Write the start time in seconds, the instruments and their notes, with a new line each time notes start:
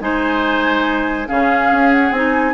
0.00 bassoon G#3, clarinet D#4, oboe C5, flute G#5
1.27 bassoon C#3, clarinet C#4, oboe G#4, flute F5
1.71 bassoon C#4
1.91 flute F#5
2.11 bassoon C4, clarinet D#4, flute G#5